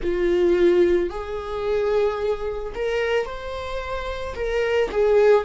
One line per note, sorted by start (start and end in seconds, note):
0.02 1.09 F4
1.09 2.73 G#4
2.74 3.25 A#4
3.25 4.34 C5
4.35 4.89 A#4
4.91 5.44 G#4